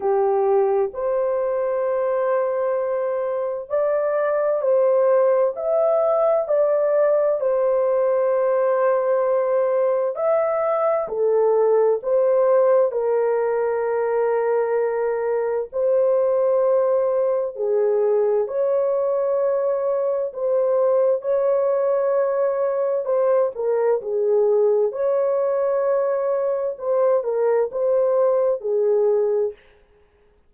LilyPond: \new Staff \with { instrumentName = "horn" } { \time 4/4 \tempo 4 = 65 g'4 c''2. | d''4 c''4 e''4 d''4 | c''2. e''4 | a'4 c''4 ais'2~ |
ais'4 c''2 gis'4 | cis''2 c''4 cis''4~ | cis''4 c''8 ais'8 gis'4 cis''4~ | cis''4 c''8 ais'8 c''4 gis'4 | }